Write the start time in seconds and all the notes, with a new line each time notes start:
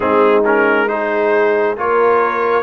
0.00 G#3 C4 D#4 G#4
0.45 C#4 A#4
0.88 D#4 G#4 C5
1.76 A#3 F4 A#4 C#5